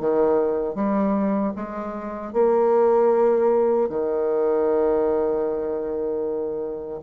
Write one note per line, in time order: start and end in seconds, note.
0.00 0.75 D#3
0.75 1.53 G3
1.56 2.33 G#3
2.33 3.89 A#3
3.89 7.01 D#3